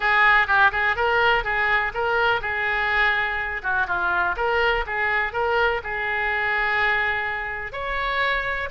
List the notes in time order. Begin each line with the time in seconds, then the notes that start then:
0.00 G#4
0.47 G4
0.71 G#4
0.96 A#4
1.44 G#4
1.94 A#4
2.41 G#4
3.62 F#4
3.87 F4
4.36 A#4
4.86 G#4
5.32 A#4
5.83 G#4
7.72 C#5